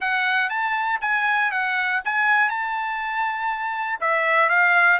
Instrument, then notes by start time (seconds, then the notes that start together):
trumpet
0.00 F#5
0.49 A5
1.01 G#5
1.51 F#5
2.05 G#5
2.49 A5
4.00 E5
4.49 F5